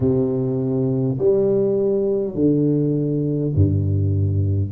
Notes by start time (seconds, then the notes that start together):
0.00 C3
1.18 G3
2.34 D3
3.55 G2